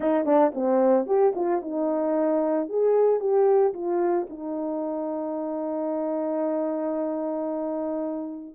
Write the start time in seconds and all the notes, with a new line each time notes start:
0.00 D#4
0.25 D4
0.54 C4
1.06 G4
1.35 F4
1.61 D#4
2.69 G#4
3.19 G4
3.73 F4
4.29 D#4